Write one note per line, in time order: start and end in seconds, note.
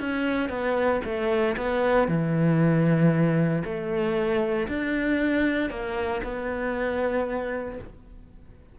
0.00 0.49 C#4
0.49 1.01 B3
1.04 1.56 A3
1.57 2.08 B3
2.08 3.63 E3
3.64 4.68 A3
4.68 5.70 D4
5.70 6.21 A#3
6.24 7.79 B3